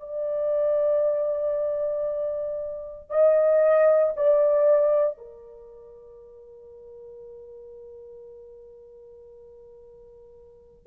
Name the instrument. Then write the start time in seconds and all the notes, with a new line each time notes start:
horn
0.00 D5
3.10 D#5
4.17 D5
5.18 A#4